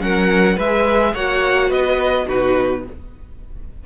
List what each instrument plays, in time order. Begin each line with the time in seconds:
0.00 cello F#3, viola C#4, violin A#4 F#5
0.56 cello G#3, violin B4 E5
0.63 viola G#4
1.14 cello A#3, viola F#4, violin C#5 F#5
1.69 cello B3, violin B4 D#5
2.27 cello B2, viola D#4, violin F#4 B4